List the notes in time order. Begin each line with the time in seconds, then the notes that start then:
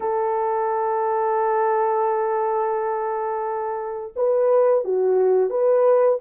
0.00 A4
4.16 B4
4.84 F#4
5.50 B4